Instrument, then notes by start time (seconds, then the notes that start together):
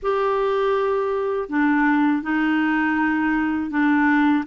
clarinet
0.02 G4
1.49 D4
2.22 D#4
3.70 D4